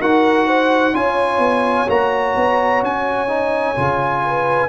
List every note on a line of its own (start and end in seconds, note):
0.00 0.94 D#4
0.00 0.94 F#4
0.00 0.46 A#4
0.00 0.96 F#5
0.46 0.93 C5
0.94 1.38 C#4
0.94 1.88 F4
0.94 4.23 C#5
0.94 1.89 G#5
1.38 1.85 B3
1.88 2.35 A#3
1.88 3.28 F#4
1.88 2.83 A#5
2.36 2.82 B3
2.82 3.76 C#4
2.82 4.69 G#5
3.28 3.75 D#4
3.76 4.69 C#3
3.76 4.69 F4
4.25 4.69 B4